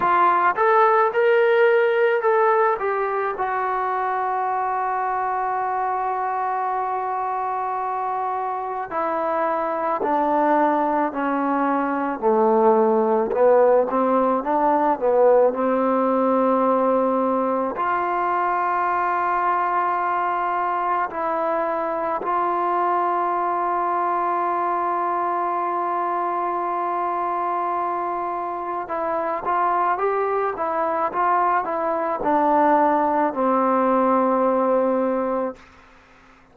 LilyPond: \new Staff \with { instrumentName = "trombone" } { \time 4/4 \tempo 4 = 54 f'8 a'8 ais'4 a'8 g'8 fis'4~ | fis'1 | e'4 d'4 cis'4 a4 | b8 c'8 d'8 b8 c'2 |
f'2. e'4 | f'1~ | f'2 e'8 f'8 g'8 e'8 | f'8 e'8 d'4 c'2 | }